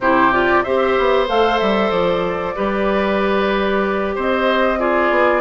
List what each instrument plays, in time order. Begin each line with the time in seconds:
0.00 bassoon C3, clarinet E4, oboe G4, flute C5
0.32 clarinet F4, flute D5
0.63 bassoon C4, clarinet G4, oboe C5, flute E5
0.98 bassoon B3
1.27 bassoon A3, clarinet A4, flute F5
1.59 bassoon G3, flute E5
1.90 bassoon F3, flute D5
2.55 bassoon G3, clarinet G4, oboe B4
4.15 bassoon C4, oboe C5, flute D#5
4.78 clarinet F4, oboe G#4, flute D5
5.10 bassoon B3